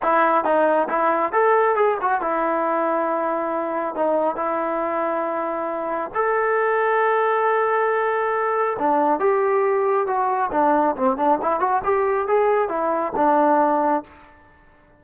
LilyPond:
\new Staff \with { instrumentName = "trombone" } { \time 4/4 \tempo 4 = 137 e'4 dis'4 e'4 a'4 | gis'8 fis'8 e'2.~ | e'4 dis'4 e'2~ | e'2 a'2~ |
a'1 | d'4 g'2 fis'4 | d'4 c'8 d'8 e'8 fis'8 g'4 | gis'4 e'4 d'2 | }